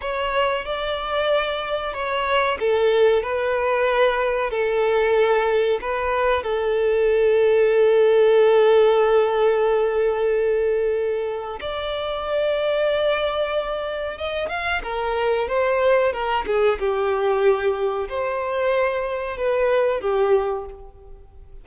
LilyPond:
\new Staff \with { instrumentName = "violin" } { \time 4/4 \tempo 4 = 93 cis''4 d''2 cis''4 | a'4 b'2 a'4~ | a'4 b'4 a'2~ | a'1~ |
a'2 d''2~ | d''2 dis''8 f''8 ais'4 | c''4 ais'8 gis'8 g'2 | c''2 b'4 g'4 | }